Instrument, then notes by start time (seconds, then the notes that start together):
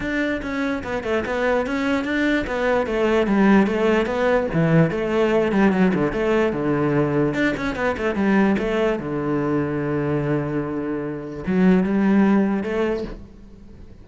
cello
0.00 D4
0.42 C#4
0.83 B3
1.03 A3
1.25 B3
1.66 C#4
2.04 D4
2.47 B3
2.86 A3
3.27 G3
3.66 A3
4.06 B3
4.53 E3
4.90 A3
5.52 G3
5.72 F#3
5.94 D3
6.12 A3
6.53 D3
7.34 D4
7.57 C#4
7.75 B3
7.97 A3
8.15 G3
8.58 A3
8.99 D3
11.47 F#3
11.83 G3
12.63 A3